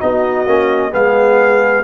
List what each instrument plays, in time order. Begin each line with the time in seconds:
0.00 tuba B3, trombone D#4, horn F#4, trumpet D#5
0.46 tuba A#3, trombone C#4
0.91 tuba G#3, trombone B3, horn G#4, trumpet F5